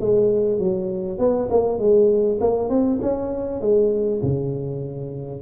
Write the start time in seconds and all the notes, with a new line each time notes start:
0.00 G#3
0.59 F#3
1.18 B3
1.50 A#3
1.79 G#3
2.41 A#3
2.69 C4
3.02 C#4
3.61 G#3
4.23 C#3